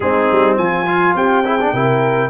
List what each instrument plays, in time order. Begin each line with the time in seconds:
0.00 tuba G#3, trombone C4, horn D#4, trumpet G#4
0.31 tuba G3
0.57 tuba F3, horn F4, trumpet G#5
0.86 trombone F4
1.14 tuba C4, horn G4, trumpet G5
1.44 trombone E4, horn G#4
1.60 trombone D4
1.73 tuba C3, trombone E4, horn A#4